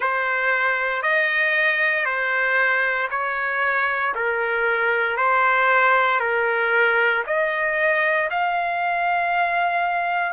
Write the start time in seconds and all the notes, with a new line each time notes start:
0.00 C5
1.02 D#5
2.05 C5
3.10 C#5
4.14 A#4
5.16 C5
6.20 A#4
7.26 D#5
8.30 F5